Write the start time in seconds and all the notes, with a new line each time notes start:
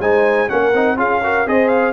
0.00 G#3 D#4 C5 G#5
0.49 A#3 C#4 A#4 F#5
0.74 C4 D#4
0.97 C#4 F4 G#4 F5
1.24 F#4 A#4
1.47 C4 G#4 C5 D#5
1.68 F5